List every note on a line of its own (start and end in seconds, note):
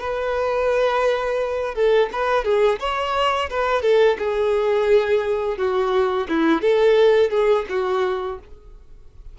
0.00 1.74 B4
1.74 2.09 A4
2.12 2.44 B4
2.44 2.79 G#4
2.79 3.49 C#5
3.49 3.82 B4
3.82 4.17 A4
4.18 5.57 G#4
5.57 6.27 F#4
6.28 6.61 E4
6.61 7.30 A4
7.30 7.65 G#4
7.69 8.38 F#4